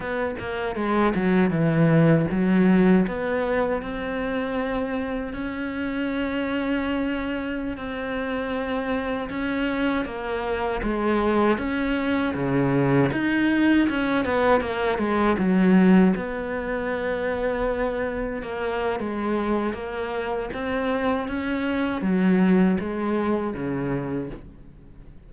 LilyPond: \new Staff \with { instrumentName = "cello" } { \time 4/4 \tempo 4 = 79 b8 ais8 gis8 fis8 e4 fis4 | b4 c'2 cis'4~ | cis'2~ cis'16 c'4.~ c'16~ | c'16 cis'4 ais4 gis4 cis'8.~ |
cis'16 cis4 dis'4 cis'8 b8 ais8 gis16~ | gis16 fis4 b2~ b8.~ | b16 ais8. gis4 ais4 c'4 | cis'4 fis4 gis4 cis4 | }